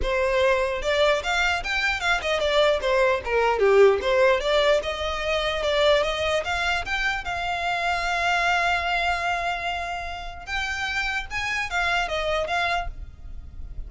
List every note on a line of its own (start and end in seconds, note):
0.02 0.82 C5
0.82 1.22 D5
1.23 1.63 F5
1.63 2.00 G5
2.00 2.20 F5
2.21 2.39 D#5
2.39 2.80 D5
2.81 3.21 C5
3.24 3.59 A#4
3.59 3.99 G4
4.01 4.40 C5
4.40 4.80 D5
4.82 5.63 D#5
5.63 6.03 D5
6.03 6.43 D#5
6.44 6.84 F5
6.85 7.24 G5
7.24 10.46 F5
10.46 11.26 G5
11.30 11.69 G#5
11.69 12.08 F5
12.08 12.47 D#5
12.47 12.87 F5